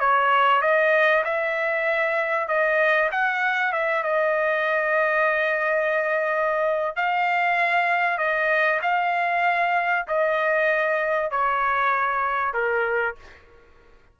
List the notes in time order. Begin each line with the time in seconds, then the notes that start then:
0.00 C#5
0.62 D#5
1.24 E5
2.48 D#5
3.11 F#5
3.72 E5
4.03 D#5
6.96 F5
8.18 D#5
8.82 F5
10.07 D#5
11.31 C#5
12.53 A#4